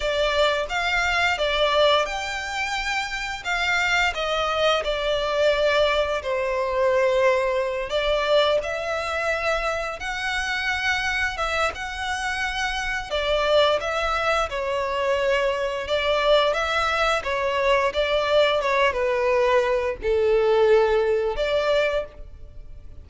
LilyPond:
\new Staff \with { instrumentName = "violin" } { \time 4/4 \tempo 4 = 87 d''4 f''4 d''4 g''4~ | g''4 f''4 dis''4 d''4~ | d''4 c''2~ c''8 d''8~ | d''8 e''2 fis''4.~ |
fis''8 e''8 fis''2 d''4 | e''4 cis''2 d''4 | e''4 cis''4 d''4 cis''8 b'8~ | b'4 a'2 d''4 | }